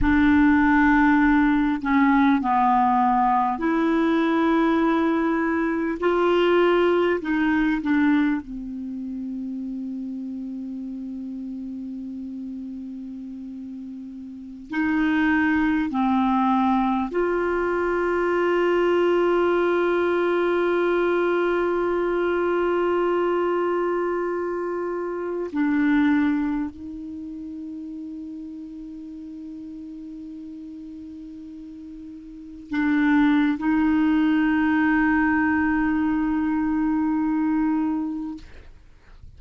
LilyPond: \new Staff \with { instrumentName = "clarinet" } { \time 4/4 \tempo 4 = 50 d'4. cis'8 b4 e'4~ | e'4 f'4 dis'8 d'8 c'4~ | c'1~ | c'16 dis'4 c'4 f'4.~ f'16~ |
f'1~ | f'4~ f'16 d'4 dis'4.~ dis'16~ | dis'2.~ dis'16 d'8. | dis'1 | }